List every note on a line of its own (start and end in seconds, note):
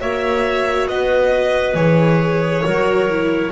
0.00 0.88 A#3
0.00 1.76 F#4
0.00 0.88 C#5
0.00 0.88 E5
0.88 1.74 B3
0.88 2.65 B4
0.88 1.75 D#5
1.74 2.62 E3
1.74 2.64 G#4
1.74 3.51 C#5
2.64 3.51 F#3
2.64 3.08 F#4
2.64 3.51 A#4
3.09 3.51 E4